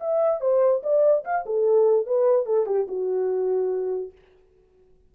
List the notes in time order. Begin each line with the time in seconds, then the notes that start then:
0.00 E5
0.40 C5
0.83 D5
1.24 F5
1.45 A4
2.06 B4
2.46 A4
2.66 G4
2.87 F#4